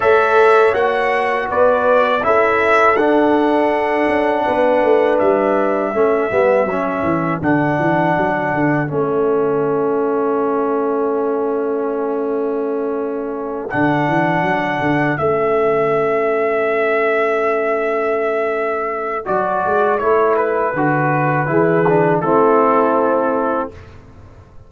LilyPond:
<<
  \new Staff \with { instrumentName = "trumpet" } { \time 4/4 \tempo 4 = 81 e''4 fis''4 d''4 e''4 | fis''2. e''4~ | e''2 fis''2 | e''1~ |
e''2~ e''8 fis''4.~ | fis''8 e''2.~ e''8~ | e''2 d''4 cis''8 b'8~ | b'2 a'2 | }
  \new Staff \with { instrumentName = "horn" } { \time 4/4 cis''2 b'4 a'4~ | a'2 b'2 | a'1~ | a'1~ |
a'1~ | a'1~ | a'1~ | a'4 gis'4 e'2 | }
  \new Staff \with { instrumentName = "trombone" } { \time 4/4 a'4 fis'2 e'4 | d'1 | cis'8 b8 cis'4 d'2 | cis'1~ |
cis'2~ cis'8 d'4.~ | d'8 cis'2.~ cis'8~ | cis'2 fis'4 e'4 | fis'4 e'8 d'8 c'2 | }
  \new Staff \with { instrumentName = "tuba" } { \time 4/4 a4 ais4 b4 cis'4 | d'4. cis'8 b8 a8 g4 | a8 g8 fis8 e8 d8 e8 fis8 d8 | a1~ |
a2~ a8 d8 e8 fis8 | d8 a2.~ a8~ | a2 fis8 gis8 a4 | d4 e4 a2 | }
>>